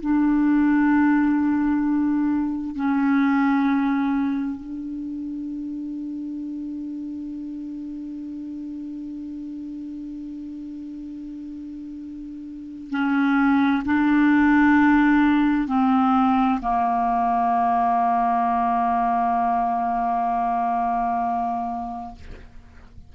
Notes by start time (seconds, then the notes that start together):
0.00 D4
2.76 C#4
4.60 D4
12.91 C#4
13.85 D4
15.68 C4
16.61 A#3